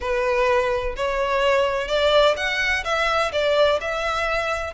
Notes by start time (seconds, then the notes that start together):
0.01 B4
0.96 C#5
1.88 D5
2.36 F#5
2.84 E5
3.32 D5
3.80 E5